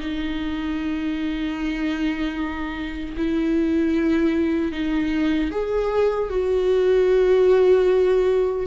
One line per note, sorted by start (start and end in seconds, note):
0.00 3.16 D#4
3.17 4.72 E4
4.72 5.51 D#4
5.52 6.30 G#4
6.30 8.67 F#4